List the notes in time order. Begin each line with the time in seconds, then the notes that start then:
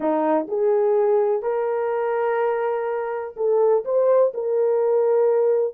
0.00 D#4
0.48 G#4
1.42 A#4
3.36 A4
3.84 C5
4.34 A#4